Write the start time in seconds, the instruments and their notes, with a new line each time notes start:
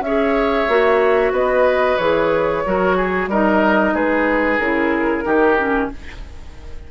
0.00 bassoon C#4, oboe C#5, flute E5
0.06 clarinet G#4
0.68 bassoon A#3, clarinet F#4
1.32 bassoon B3, oboe B4, flute D#5
1.97 bassoon E3, clarinet G#4, flute C#5
2.66 bassoon F#3, clarinet F#4, oboe A#4
2.96 oboe G#4
3.28 bassoon G3, clarinet D#4, oboe A#4, flute D#5
3.94 bassoon G#3, oboe G#4, flute B4
4.59 bassoon C#3, clarinet E4, flute A#4
5.24 bassoon D#3, clarinet D#4, oboe G4
5.59 clarinet C#4